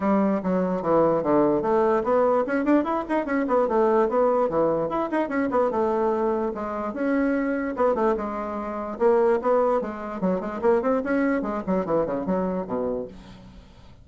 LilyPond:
\new Staff \with { instrumentName = "bassoon" } { \time 4/4 \tempo 4 = 147 g4 fis4 e4 d4 | a4 b4 cis'8 d'8 e'8 dis'8 | cis'8 b8 a4 b4 e4 | e'8 dis'8 cis'8 b8 a2 |
gis4 cis'2 b8 a8 | gis2 ais4 b4 | gis4 fis8 gis8 ais8 c'8 cis'4 | gis8 fis8 e8 cis8 fis4 b,4 | }